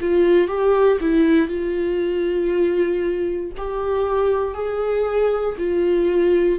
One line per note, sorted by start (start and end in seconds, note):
0.00 0.48 F4
0.48 0.98 G4
1.00 1.48 E4
1.48 3.51 F4
3.57 4.54 G4
4.54 5.56 G#4
5.57 6.59 F4